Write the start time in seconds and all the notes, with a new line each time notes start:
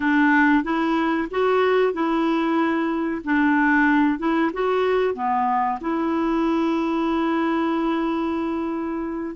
0.00 D4
0.63 E4
1.30 F#4
1.93 E4
3.24 D4
4.18 E4
4.53 F#4
5.14 B3
5.80 E4